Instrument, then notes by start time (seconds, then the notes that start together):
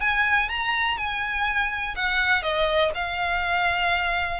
violin
0.00 G#5
0.49 A#5
0.97 G#5
1.95 F#5
2.43 D#5
2.94 F5